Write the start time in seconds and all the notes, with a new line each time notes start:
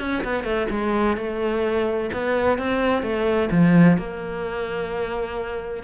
0.00 C#4
0.24 B3
0.44 A3
0.70 G#3
1.17 A3
2.13 B3
2.58 C4
3.03 A3
3.51 F3
3.98 A#3